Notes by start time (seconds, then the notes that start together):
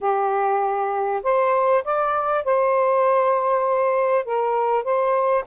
0.01 G4
1.23 C5
1.84 D5
2.44 C5
4.24 A#4
4.83 C5